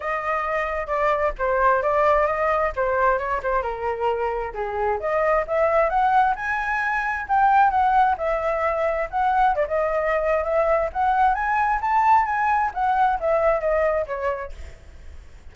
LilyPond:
\new Staff \with { instrumentName = "flute" } { \time 4/4 \tempo 4 = 132 dis''2 d''4 c''4 | d''4 dis''4 c''4 cis''8 c''8 | ais'2 gis'4 dis''4 | e''4 fis''4 gis''2 |
g''4 fis''4 e''2 | fis''4 d''16 dis''4.~ dis''16 e''4 | fis''4 gis''4 a''4 gis''4 | fis''4 e''4 dis''4 cis''4 | }